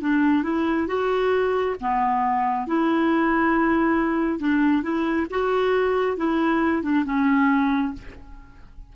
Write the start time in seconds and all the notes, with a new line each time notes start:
0.00 D4
0.43 E4
0.87 F#4
1.80 B3
2.66 E4
4.39 D4
4.82 E4
5.30 F#4
6.16 E4
6.82 D4
7.05 C#4